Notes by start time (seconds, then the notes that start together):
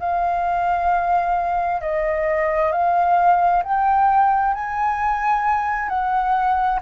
0.00 F5
1.82 D#5
2.72 F5
3.64 G5
4.54 G#5
5.89 F#5